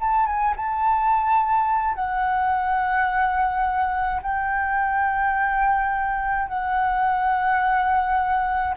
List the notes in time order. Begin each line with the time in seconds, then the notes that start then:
0.00 A5
0.26 G#5
0.56 A5
1.95 F#5
4.22 G5
6.48 F#5